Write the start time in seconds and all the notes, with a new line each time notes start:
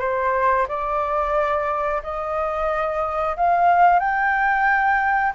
0.00 C5
0.68 D5
2.03 D#5
3.37 F5
4.00 G5